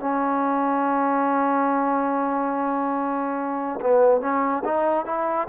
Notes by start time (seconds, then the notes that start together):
0.00 C#4
3.81 B3
4.21 C#4
4.65 D#4
5.06 E4